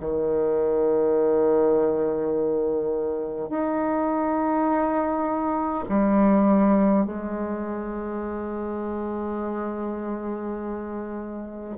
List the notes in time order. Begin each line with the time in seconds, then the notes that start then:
0.00 D#3
3.50 D#4
5.89 G3
7.06 G#3